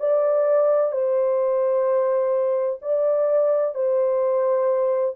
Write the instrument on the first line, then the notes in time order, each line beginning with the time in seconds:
horn
0.00 D5
0.92 C5
2.82 D5
3.75 C5